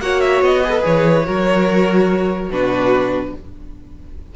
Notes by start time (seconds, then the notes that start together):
0.00 A#3 F#4 C#5 F#5
0.21 E5
0.41 B3 D#5
0.64 G#4 B4
0.71 A4
0.81 E3 G#4 C#5
1.25 F#3 F#4 A#4
2.50 B2 D4 F#4 B4